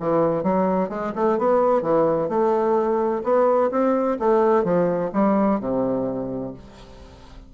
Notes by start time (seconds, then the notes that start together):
0.00 E3
0.43 F#3
0.89 G#3
1.15 A3
1.39 B3
1.82 E3
2.29 A3
3.24 B3
3.71 C4
4.20 A3
4.64 F3
5.13 G3
5.60 C3